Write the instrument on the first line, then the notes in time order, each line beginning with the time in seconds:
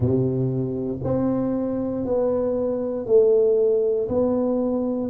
tuba
0.00 C3
1.03 C4
2.05 B3
3.06 A3
4.08 B3